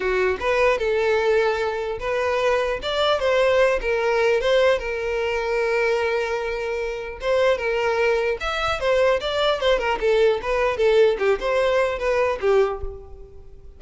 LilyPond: \new Staff \with { instrumentName = "violin" } { \time 4/4 \tempo 4 = 150 fis'4 b'4 a'2~ | a'4 b'2 d''4 | c''4. ais'4. c''4 | ais'1~ |
ais'2 c''4 ais'4~ | ais'4 e''4 c''4 d''4 | c''8 ais'8 a'4 b'4 a'4 | g'8 c''4. b'4 g'4 | }